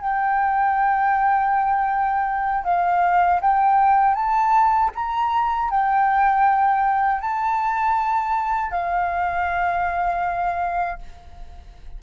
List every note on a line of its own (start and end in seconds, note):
0.00 2.64 G5
2.64 3.40 F5
3.41 4.14 G5
4.14 4.90 A5
4.95 5.70 A#5
5.70 7.20 G5
7.20 8.71 A5
8.71 10.99 F5